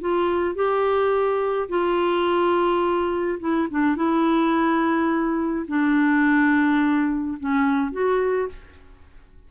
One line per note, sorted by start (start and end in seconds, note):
0.00 0.55 F4
0.55 1.68 G4
1.69 3.38 F4
3.39 3.67 E4
3.70 3.96 D4
3.96 5.66 E4
5.67 7.37 D4
7.39 7.91 C#4
7.91 8.48 F#4